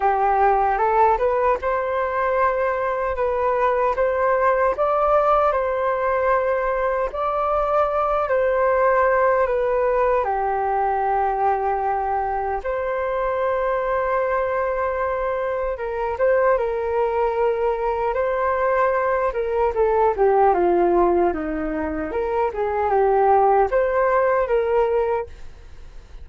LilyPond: \new Staff \with { instrumentName = "flute" } { \time 4/4 \tempo 4 = 76 g'4 a'8 b'8 c''2 | b'4 c''4 d''4 c''4~ | c''4 d''4. c''4. | b'4 g'2. |
c''1 | ais'8 c''8 ais'2 c''4~ | c''8 ais'8 a'8 g'8 f'4 dis'4 | ais'8 gis'8 g'4 c''4 ais'4 | }